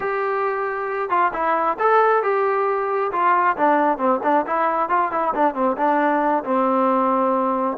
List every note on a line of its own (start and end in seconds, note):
0.00 1.09 G4
1.09 1.31 F4
1.33 1.77 E4
1.79 2.22 A4
2.22 3.11 G4
3.12 3.56 F4
3.56 3.98 D4
3.98 4.20 C4
4.23 4.45 D4
4.46 4.89 E4
4.89 5.11 F4
5.11 5.33 E4
5.34 5.54 D4
5.54 5.76 C4
5.77 6.43 D4
6.43 7.77 C4